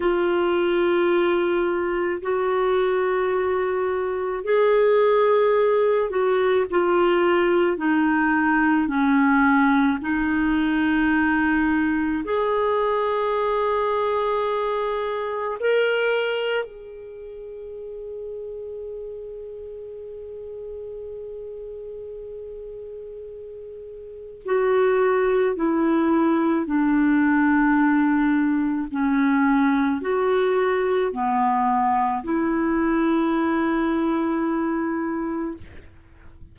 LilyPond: \new Staff \with { instrumentName = "clarinet" } { \time 4/4 \tempo 4 = 54 f'2 fis'2 | gis'4. fis'8 f'4 dis'4 | cis'4 dis'2 gis'4~ | gis'2 ais'4 gis'4~ |
gis'1~ | gis'2 fis'4 e'4 | d'2 cis'4 fis'4 | b4 e'2. | }